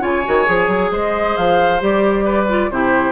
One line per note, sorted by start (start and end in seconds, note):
0.00 0.25 C#3
0.00 0.22 F4
0.00 0.91 C#5
0.00 0.92 G#5
0.24 0.48 D#3
0.24 0.45 F#4
0.45 0.67 F3
0.45 1.79 G#4
0.67 0.90 F#3
0.90 1.35 G#3
0.90 2.24 C5
0.90 1.36 D#5
1.36 1.81 F3
1.36 1.81 F5
1.79 2.69 G3
1.79 2.46 G4
1.79 2.70 D5
2.24 2.69 B4
2.48 2.71 F4
2.69 3.11 C3
2.69 3.11 E4
2.69 3.11 G4
2.69 3.11 C5